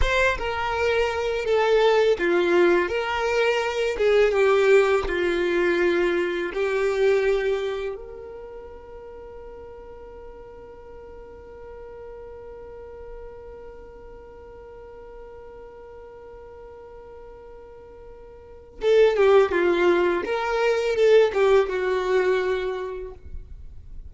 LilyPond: \new Staff \with { instrumentName = "violin" } { \time 4/4 \tempo 4 = 83 c''8 ais'4. a'4 f'4 | ais'4. gis'8 g'4 f'4~ | f'4 g'2 ais'4~ | ais'1~ |
ais'1~ | ais'1~ | ais'2 a'8 g'8 f'4 | ais'4 a'8 g'8 fis'2 | }